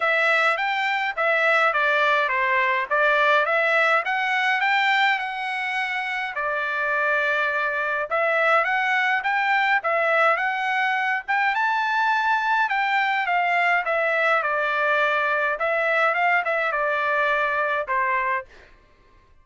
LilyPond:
\new Staff \with { instrumentName = "trumpet" } { \time 4/4 \tempo 4 = 104 e''4 g''4 e''4 d''4 | c''4 d''4 e''4 fis''4 | g''4 fis''2 d''4~ | d''2 e''4 fis''4 |
g''4 e''4 fis''4. g''8 | a''2 g''4 f''4 | e''4 d''2 e''4 | f''8 e''8 d''2 c''4 | }